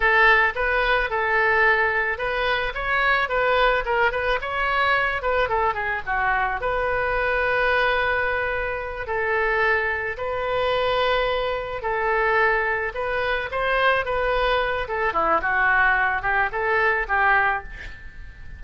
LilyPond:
\new Staff \with { instrumentName = "oboe" } { \time 4/4 \tempo 4 = 109 a'4 b'4 a'2 | b'4 cis''4 b'4 ais'8 b'8 | cis''4. b'8 a'8 gis'8 fis'4 | b'1~ |
b'8 a'2 b'4.~ | b'4. a'2 b'8~ | b'8 c''4 b'4. a'8 e'8 | fis'4. g'8 a'4 g'4 | }